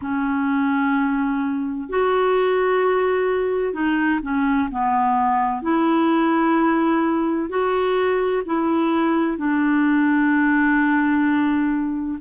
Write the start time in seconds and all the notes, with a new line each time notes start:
0.01 C#4
1.89 F#4
3.73 D#4
4.22 C#4
4.71 B3
5.62 E4
7.49 F#4
8.45 E4
9.37 D4